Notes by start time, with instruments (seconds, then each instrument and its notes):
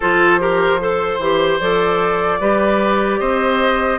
0.00 bassoon F3, clarinet F4, oboe A4, flute C5
0.39 clarinet G4, oboe A#4
0.80 clarinet A4, oboe C5
1.18 bassoon E3, clarinet G4
1.60 bassoon F3, clarinet A4, flute D5
2.40 bassoon G3, clarinet G4, oboe B4
3.19 bassoon C4, oboe C5, flute D#5